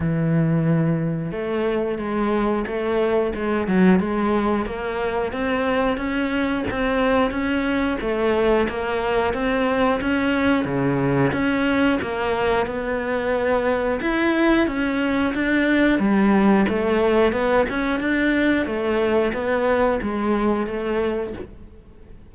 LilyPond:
\new Staff \with { instrumentName = "cello" } { \time 4/4 \tempo 4 = 90 e2 a4 gis4 | a4 gis8 fis8 gis4 ais4 | c'4 cis'4 c'4 cis'4 | a4 ais4 c'4 cis'4 |
cis4 cis'4 ais4 b4~ | b4 e'4 cis'4 d'4 | g4 a4 b8 cis'8 d'4 | a4 b4 gis4 a4 | }